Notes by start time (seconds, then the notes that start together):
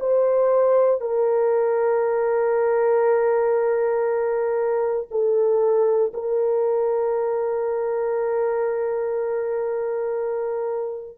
0.00 C5
1.01 A#4
5.11 A4
6.13 A#4